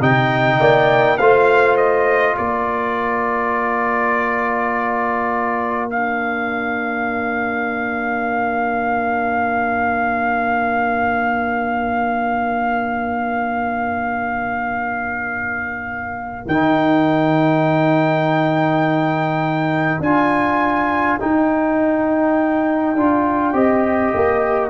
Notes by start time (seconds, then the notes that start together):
0.00 C3 D#4 D#5 G5
0.60 A#3 D5
1.17 A3 F4 C5 F5
1.76 D#5
2.37 A#3 A#4 D5
5.90 D4 F5
16.46 D#3 D#4 G5
20.00 D4 F4 G#5
21.19 D#4 G5
22.95 D4 F4
23.53 C4 G4 D#5
24.13 A#3